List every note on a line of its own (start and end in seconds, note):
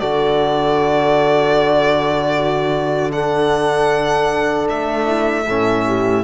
0.00 4.69 D3
0.00 3.11 F#4
0.00 2.34 A4
0.00 3.12 D5
2.36 3.14 F#4
3.11 5.45 D4
3.11 5.07 A4
3.11 4.68 F#5
4.69 5.48 A3
4.69 6.24 E5
5.07 5.46 E4
5.46 6.24 A2
5.46 6.24 C#4
5.46 5.85 A4
5.87 6.24 G4